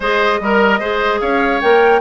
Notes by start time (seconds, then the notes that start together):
0.00 G#3 G#4 C5 D#5
0.40 G3 A#4
0.79 G#3 G#4 C5
1.20 C#4 C#5 F5
1.61 A#3 A#4 G5